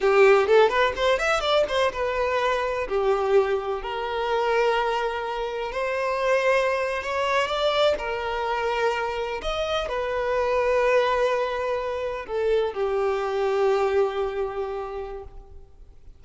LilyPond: \new Staff \with { instrumentName = "violin" } { \time 4/4 \tempo 4 = 126 g'4 a'8 b'8 c''8 e''8 d''8 c''8 | b'2 g'2 | ais'1 | c''2~ c''8. cis''4 d''16~ |
d''8. ais'2. dis''16~ | dis''8. b'2.~ b'16~ | b'4.~ b'16 a'4 g'4~ g'16~ | g'1 | }